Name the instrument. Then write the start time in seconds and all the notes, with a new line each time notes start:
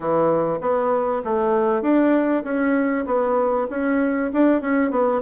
bassoon
0.00 E3
0.60 B3
1.24 A3
1.82 D4
2.44 C#4
3.06 B3
3.70 C#4
4.33 D4
4.61 C#4
4.90 B3